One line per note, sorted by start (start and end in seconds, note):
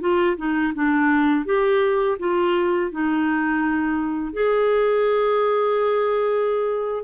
0.00 0.36 F4
0.37 0.73 D#4
0.74 1.45 D4
1.45 2.17 G4
2.19 2.91 F4
2.91 4.32 D#4
4.32 7.04 G#4